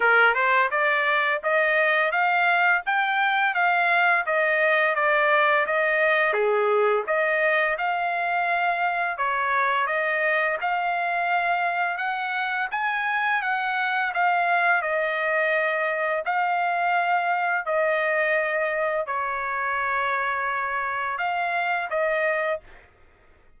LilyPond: \new Staff \with { instrumentName = "trumpet" } { \time 4/4 \tempo 4 = 85 ais'8 c''8 d''4 dis''4 f''4 | g''4 f''4 dis''4 d''4 | dis''4 gis'4 dis''4 f''4~ | f''4 cis''4 dis''4 f''4~ |
f''4 fis''4 gis''4 fis''4 | f''4 dis''2 f''4~ | f''4 dis''2 cis''4~ | cis''2 f''4 dis''4 | }